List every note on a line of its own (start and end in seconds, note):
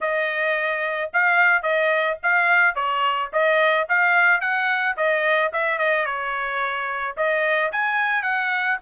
0.01 1.11 D#5
1.13 1.62 F5
1.62 2.17 D#5
2.22 2.75 F5
2.75 3.30 C#5
3.32 3.87 D#5
3.88 4.40 F5
4.40 4.95 F#5
4.96 5.51 D#5
5.52 5.78 E5
5.78 6.05 D#5
6.05 7.15 C#5
7.16 7.71 D#5
7.72 8.22 G#5
8.22 8.77 F#5